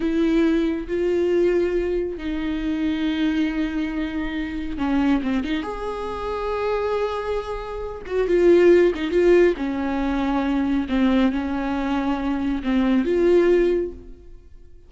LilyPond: \new Staff \with { instrumentName = "viola" } { \time 4/4 \tempo 4 = 138 e'2 f'2~ | f'4 dis'2.~ | dis'2. cis'4 | c'8 dis'8 gis'2.~ |
gis'2~ gis'8 fis'8 f'4~ | f'8 dis'8 f'4 cis'2~ | cis'4 c'4 cis'2~ | cis'4 c'4 f'2 | }